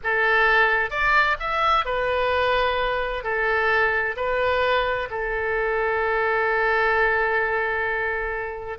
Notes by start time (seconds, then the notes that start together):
0.03 A4
0.90 D5
1.39 E5
1.85 B4
3.23 A4
4.16 B4
5.10 A4